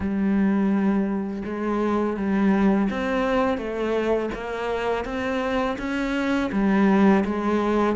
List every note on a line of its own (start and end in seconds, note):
0.00 1.43 G3
1.45 2.16 G#3
2.16 2.88 G3
2.90 3.57 C4
3.57 4.29 A3
4.34 5.04 A#3
5.04 5.77 C4
5.78 6.50 C#4
6.52 7.24 G3
7.25 7.96 G#3